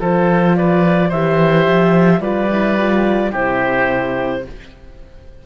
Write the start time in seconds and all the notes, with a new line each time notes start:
0.00 F3 F4 A4 C5
0.56 B4 D5
1.08 E3 G4 C5 E5
1.66 F3
2.20 G3 F4 B4 D5
2.51 E4
2.78 F4
3.31 C3 E4 G4 C5